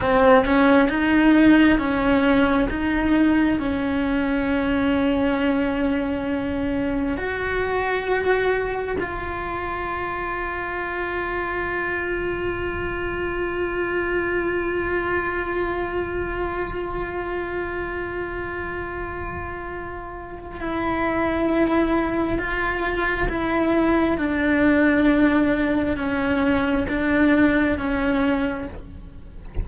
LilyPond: \new Staff \with { instrumentName = "cello" } { \time 4/4 \tempo 4 = 67 c'8 cis'8 dis'4 cis'4 dis'4 | cis'1 | fis'2 f'2~ | f'1~ |
f'1~ | f'2. e'4~ | e'4 f'4 e'4 d'4~ | d'4 cis'4 d'4 cis'4 | }